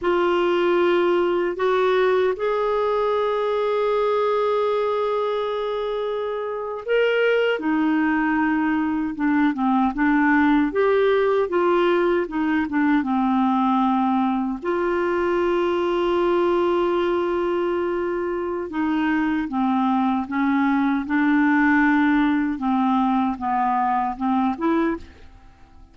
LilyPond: \new Staff \with { instrumentName = "clarinet" } { \time 4/4 \tempo 4 = 77 f'2 fis'4 gis'4~ | gis'1~ | gis'8. ais'4 dis'2 d'16~ | d'16 c'8 d'4 g'4 f'4 dis'16~ |
dis'16 d'8 c'2 f'4~ f'16~ | f'1 | dis'4 c'4 cis'4 d'4~ | d'4 c'4 b4 c'8 e'8 | }